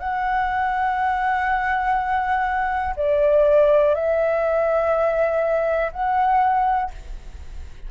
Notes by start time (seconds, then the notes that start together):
0.00 F#5
2.97 D5
3.95 E5
5.93 F#5